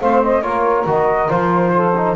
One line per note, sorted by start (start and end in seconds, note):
0.00 0.42 A3
0.00 0.43 C4
0.00 0.43 C5
0.00 0.22 F5
0.23 0.42 D#5
0.42 0.85 A#3
0.42 0.86 F4
0.42 1.74 A#4
0.42 0.85 C#5
0.86 1.29 D#3
0.86 1.29 F#4
0.86 1.30 D#5
1.29 2.16 F3
1.29 1.93 F4
1.29 2.16 C5
1.74 2.16 A4
1.97 2.16 D#4